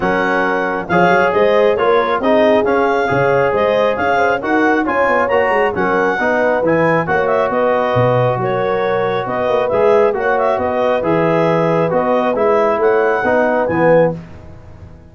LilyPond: <<
  \new Staff \with { instrumentName = "clarinet" } { \time 4/4 \tempo 4 = 136 fis''2 f''4 dis''4 | cis''4 dis''4 f''2 | dis''4 f''4 fis''4 gis''4 | ais''4 fis''2 gis''4 |
fis''8 e''8 dis''2 cis''4~ | cis''4 dis''4 e''4 fis''8 e''8 | dis''4 e''2 dis''4 | e''4 fis''2 gis''4 | }
  \new Staff \with { instrumentName = "horn" } { \time 4/4 ais'2 cis''4 c''4 | ais'4 gis'2 cis''4 | c''4 cis''8 c''8 ais'4 cis''4~ | cis''4 ais'4 b'2 |
cis''4 b'2 ais'4~ | ais'4 b'2 cis''4 | b'1~ | b'4 cis''4 b'2 | }
  \new Staff \with { instrumentName = "trombone" } { \time 4/4 cis'2 gis'2 | f'4 dis'4 cis'4 gis'4~ | gis'2 fis'4 f'4 | fis'4 cis'4 dis'4 e'4 |
fis'1~ | fis'2 gis'4 fis'4~ | fis'4 gis'2 fis'4 | e'2 dis'4 b4 | }
  \new Staff \with { instrumentName = "tuba" } { \time 4/4 fis2 f8 fis8 gis4 | ais4 c'4 cis'4 cis4 | gis4 cis'4 dis'4 cis'8 b8 | ais8 gis8 fis4 b4 e4 |
ais4 b4 b,4 fis4~ | fis4 b8 ais8 gis4 ais4 | b4 e2 b4 | gis4 a4 b4 e4 | }
>>